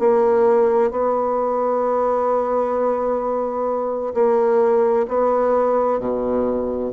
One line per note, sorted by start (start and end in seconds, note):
0.00 0.91 A#3
0.91 4.14 B3
4.15 5.07 A#3
5.08 6.00 B3
6.00 6.93 B2